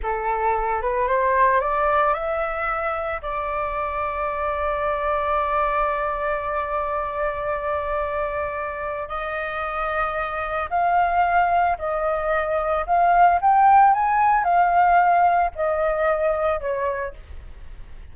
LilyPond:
\new Staff \with { instrumentName = "flute" } { \time 4/4 \tempo 4 = 112 a'4. b'8 c''4 d''4 | e''2 d''2~ | d''1~ | d''1~ |
d''4 dis''2. | f''2 dis''2 | f''4 g''4 gis''4 f''4~ | f''4 dis''2 cis''4 | }